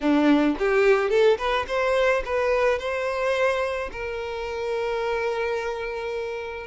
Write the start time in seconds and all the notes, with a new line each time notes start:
0.01 D4
0.58 G4
1.09 A4
1.38 B4
1.67 C5
2.25 B4
2.78 C5
3.92 A#4